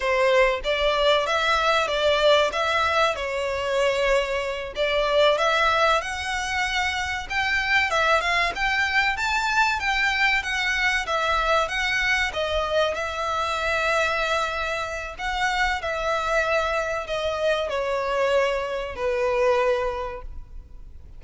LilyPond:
\new Staff \with { instrumentName = "violin" } { \time 4/4 \tempo 4 = 95 c''4 d''4 e''4 d''4 | e''4 cis''2~ cis''8 d''8~ | d''8 e''4 fis''2 g''8~ | g''8 e''8 f''8 g''4 a''4 g''8~ |
g''8 fis''4 e''4 fis''4 dis''8~ | dis''8 e''2.~ e''8 | fis''4 e''2 dis''4 | cis''2 b'2 | }